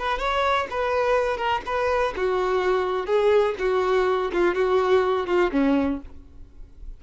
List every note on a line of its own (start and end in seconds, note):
0.00 0.19 B4
0.19 0.68 C#5
0.71 1.38 B4
1.38 1.62 A#4
1.66 2.15 B4
2.17 3.07 F#4
3.07 3.55 G#4
3.59 4.32 F#4
4.33 4.55 F4
4.55 5.27 F#4
5.27 5.51 F4
5.53 6.01 C#4